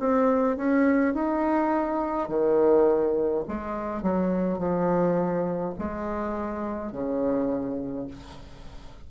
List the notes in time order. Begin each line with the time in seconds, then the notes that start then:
0.00 C4
0.57 C#4
1.15 D#4
2.29 D#3
3.49 G#3
4.03 F#3
4.59 F3
5.79 G#3
6.92 C#3